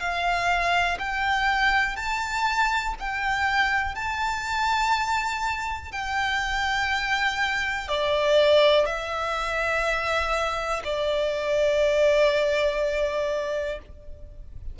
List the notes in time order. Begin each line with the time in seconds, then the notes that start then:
0.00 F5
0.99 G5
1.97 A5
3.00 G5
3.96 A5
5.92 G5
7.89 D5
8.86 E5
10.84 D5